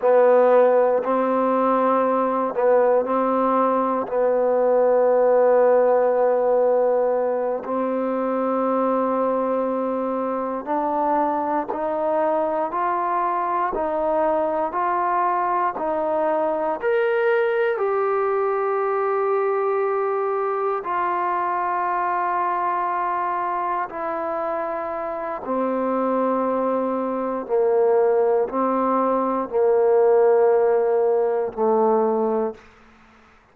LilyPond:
\new Staff \with { instrumentName = "trombone" } { \time 4/4 \tempo 4 = 59 b4 c'4. b8 c'4 | b2.~ b8 c'8~ | c'2~ c'8 d'4 dis'8~ | dis'8 f'4 dis'4 f'4 dis'8~ |
dis'8 ais'4 g'2~ g'8~ | g'8 f'2. e'8~ | e'4 c'2 ais4 | c'4 ais2 a4 | }